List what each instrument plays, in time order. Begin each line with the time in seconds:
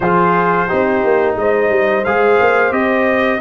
0.00 tuba F3, trombone F4, horn G#4, trumpet C5
0.67 tuba C4, trombone D#4, horn G4
1.03 tuba A#3
1.36 tuba G#3, horn C5, trumpet D#5
1.69 tuba G3
2.04 tuba G#3, trombone G#4, trumpet F5
2.40 tuba A#3
2.71 tuba C4, trombone G4, trumpet D#5